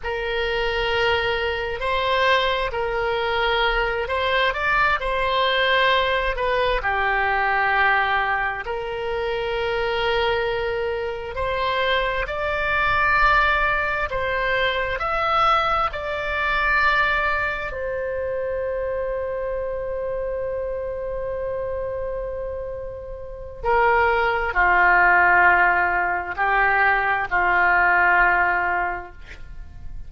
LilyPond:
\new Staff \with { instrumentName = "oboe" } { \time 4/4 \tempo 4 = 66 ais'2 c''4 ais'4~ | ais'8 c''8 d''8 c''4. b'8 g'8~ | g'4. ais'2~ ais'8~ | ais'8 c''4 d''2 c''8~ |
c''8 e''4 d''2 c''8~ | c''1~ | c''2 ais'4 f'4~ | f'4 g'4 f'2 | }